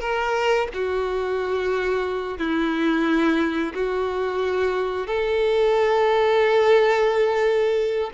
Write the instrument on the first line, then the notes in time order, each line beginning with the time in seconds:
violin
0.00 A#4
0.73 F#4
2.38 E4
3.74 F#4
5.07 A4